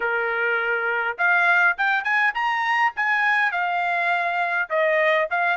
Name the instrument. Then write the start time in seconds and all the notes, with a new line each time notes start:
trumpet
0.00 A#4
1.18 F5
1.77 G5
2.03 G#5
2.34 A#5
2.95 G#5
3.51 F5
4.69 D#5
5.30 F5